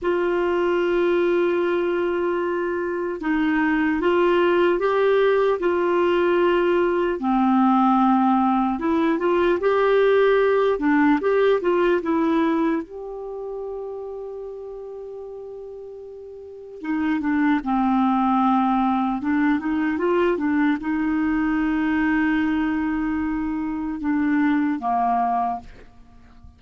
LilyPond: \new Staff \with { instrumentName = "clarinet" } { \time 4/4 \tempo 4 = 75 f'1 | dis'4 f'4 g'4 f'4~ | f'4 c'2 e'8 f'8 | g'4. d'8 g'8 f'8 e'4 |
g'1~ | g'4 dis'8 d'8 c'2 | d'8 dis'8 f'8 d'8 dis'2~ | dis'2 d'4 ais4 | }